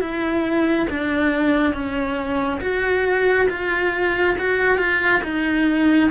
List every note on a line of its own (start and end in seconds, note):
0.00 0.87 E4
0.90 1.74 D4
1.74 2.60 C#4
2.61 3.48 F#4
3.49 4.36 F4
4.38 4.78 F#4
4.78 5.22 F4
5.24 6.11 D#4